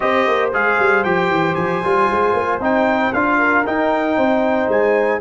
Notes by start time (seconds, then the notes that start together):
0.00 C4 G4 C5 D#5
0.27 A#3
0.53 G#3 G#4 F5
0.79 G3
1.04 F3 G4 G5
1.30 E3
1.54 F3 G#5
1.83 G3 F4
2.11 G#3
2.33 A#3
2.59 C4 D#4 G5
3.13 D4 F4 F5
3.38 A#4
3.65 D#4 G5
4.17 C4 C5
4.68 G#3 G#5